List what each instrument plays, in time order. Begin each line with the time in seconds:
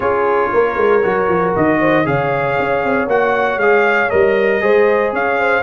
0.00 tuba C#4, trombone F4, horn G#4, trumpet C#5
0.52 tuba A#3, horn A#4
0.76 tuba G#3
1.03 tuba F#3, trombone F#4
1.28 tuba F3
1.55 tuba D#3, trumpet D#5
1.79 horn C5
2.04 tuba C#3, trombone G#4, horn C#5, trumpet F5
2.59 tuba C#4
2.84 tuba C4
3.06 tuba A#3, trombone F#4, trumpet F#5
3.56 tuba G#3, trombone G#4, trumpet F5
4.09 tuba G3, trombone A#4, trumpet D#5
4.60 tuba G#3, trombone G#4, horn C5
5.12 tuba C#4, horn C#5, trumpet F5
5.39 horn C5